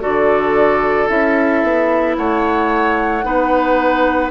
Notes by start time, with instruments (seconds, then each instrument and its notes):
0.00 bassoon D3, clarinet F#4, oboe A4, flute D5
1.07 bassoon C#4, clarinet E4, flute E5
1.63 bassoon B3
2.16 bassoon A3, oboe C#5, flute F#5
3.23 bassoon B3, clarinet D#4, oboe B4